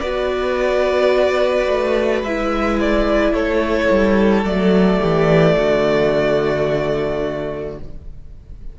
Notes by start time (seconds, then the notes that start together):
0.00 B3 F#4 B4 D5
1.67 A3
2.22 G#3 E4 E5
2.80 D5
3.33 A3 A4 C#5
3.91 G3
4.44 F#3 A3 D5
5.00 E3 G4
5.57 D3 F#4